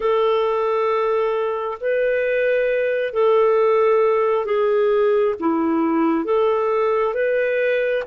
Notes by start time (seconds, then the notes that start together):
0.00 A4
1.80 B4
3.13 A4
4.45 G#4
5.39 E4
6.24 A4
7.14 B4